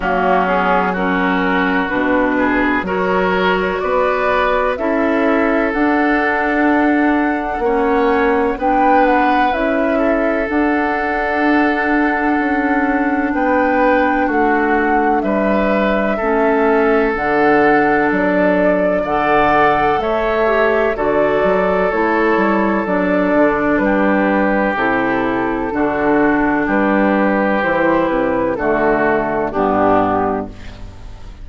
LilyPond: <<
  \new Staff \with { instrumentName = "flute" } { \time 4/4 \tempo 4 = 63 fis'8 gis'8 ais'4 b'4 cis''4 | d''4 e''4 fis''2~ | fis''4 g''8 fis''8 e''4 fis''4~ | fis''2 g''4 fis''4 |
e''2 fis''4 d''4 | fis''4 e''4 d''4 cis''4 | d''4 b'4 a'2 | b'4 c''8 b'8 a'4 g'4 | }
  \new Staff \with { instrumentName = "oboe" } { \time 4/4 cis'4 fis'4. gis'8 ais'4 | b'4 a'2. | cis''4 b'4. a'4.~ | a'2 b'4 fis'4 |
b'4 a'2. | d''4 cis''4 a'2~ | a'4 g'2 fis'4 | g'2 fis'4 d'4 | }
  \new Staff \with { instrumentName = "clarinet" } { \time 4/4 ais8 b8 cis'4 d'4 fis'4~ | fis'4 e'4 d'2 | cis'4 d'4 e'4 d'4~ | d'1~ |
d'4 cis'4 d'2 | a'4. g'8 fis'4 e'4 | d'2 e'4 d'4~ | d'4 e'4 a4 b4 | }
  \new Staff \with { instrumentName = "bassoon" } { \time 4/4 fis2 b,4 fis4 | b4 cis'4 d'2 | ais4 b4 cis'4 d'4~ | d'4 cis'4 b4 a4 |
g4 a4 d4 fis4 | d4 a4 d8 fis8 a8 g8 | fis8 d8 g4 c4 d4 | g4 e8 c8 d4 g,4 | }
>>